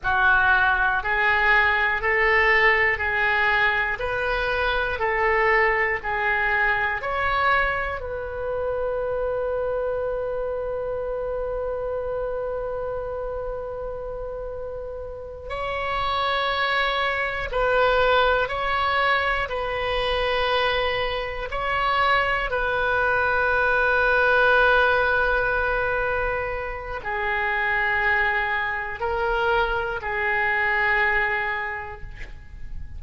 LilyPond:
\new Staff \with { instrumentName = "oboe" } { \time 4/4 \tempo 4 = 60 fis'4 gis'4 a'4 gis'4 | b'4 a'4 gis'4 cis''4 | b'1~ | b'2.~ b'8 cis''8~ |
cis''4. b'4 cis''4 b'8~ | b'4. cis''4 b'4.~ | b'2. gis'4~ | gis'4 ais'4 gis'2 | }